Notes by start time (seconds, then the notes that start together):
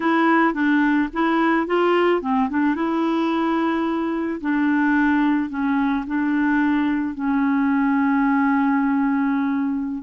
0.00 E4
0.53 D4
1.13 E4
1.66 F4
2.21 C4
2.49 D4
2.75 E4
4.40 D4
5.49 C#4
6.07 D4
7.14 C#4